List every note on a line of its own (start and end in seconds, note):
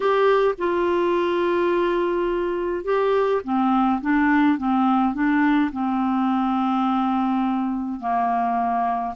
0.00 0.55 G4
0.58 2.84 F4
2.84 3.41 G4
3.43 4.01 C4
4.01 4.57 D4
4.57 5.14 C4
5.14 5.71 D4
5.71 8.00 C4
8.00 9.14 A#3